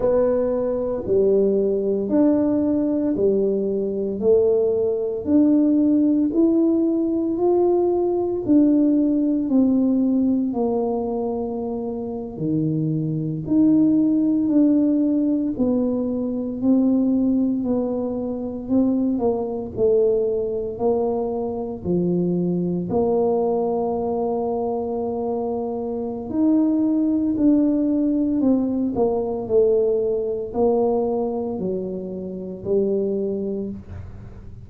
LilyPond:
\new Staff \with { instrumentName = "tuba" } { \time 4/4 \tempo 4 = 57 b4 g4 d'4 g4 | a4 d'4 e'4 f'4 | d'4 c'4 ais4.~ ais16 dis16~ | dis8. dis'4 d'4 b4 c'16~ |
c'8. b4 c'8 ais8 a4 ais16~ | ais8. f4 ais2~ ais16~ | ais4 dis'4 d'4 c'8 ais8 | a4 ais4 fis4 g4 | }